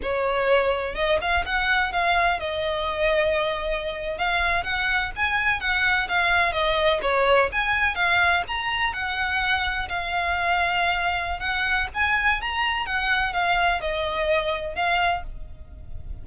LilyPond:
\new Staff \with { instrumentName = "violin" } { \time 4/4 \tempo 4 = 126 cis''2 dis''8 f''8 fis''4 | f''4 dis''2.~ | dis''8. f''4 fis''4 gis''4 fis''16~ | fis''8. f''4 dis''4 cis''4 gis''16~ |
gis''8. f''4 ais''4 fis''4~ fis''16~ | fis''8. f''2.~ f''16 | fis''4 gis''4 ais''4 fis''4 | f''4 dis''2 f''4 | }